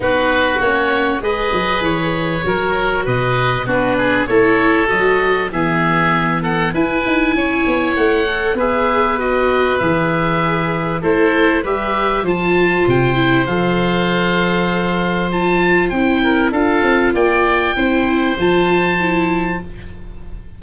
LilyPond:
<<
  \new Staff \with { instrumentName = "oboe" } { \time 4/4 \tempo 4 = 98 b'4 cis''4 dis''4 cis''4~ | cis''4 dis''4 b'4 cis''4 | dis''4 e''4. fis''8 gis''4~ | gis''4 fis''4 e''4 dis''4 |
e''2 c''4 e''4 | a''4 g''4 f''2~ | f''4 a''4 g''4 f''4 | g''2 a''2 | }
  \new Staff \with { instrumentName = "oboe" } { \time 4/4 fis'2 b'2 | ais'4 b'4 fis'8 gis'8 a'4~ | a'4 gis'4. a'8 b'4 | cis''2 b'2~ |
b'2 a'4 b'4 | c''1~ | c''2~ c''8 ais'8 a'4 | d''4 c''2. | }
  \new Staff \with { instrumentName = "viola" } { \time 4/4 dis'4 cis'4 gis'2 | fis'2 d'4 e'4 | fis'4 b2 e'4~ | e'4. a'8 gis'4 fis'4 |
gis'2 e'4 g'4 | f'4. e'8 a'2~ | a'4 f'4 e'4 f'4~ | f'4 e'4 f'4 e'4 | }
  \new Staff \with { instrumentName = "tuba" } { \time 4/4 b4 ais4 gis8 fis8 e4 | fis4 b,4 b4 a4 | fis4 e2 e'8 dis'8 | cis'8 b8 a4 b2 |
e2 a4 g4 | f4 c4 f2~ | f2 c'4 d'8 c'8 | ais4 c'4 f2 | }
>>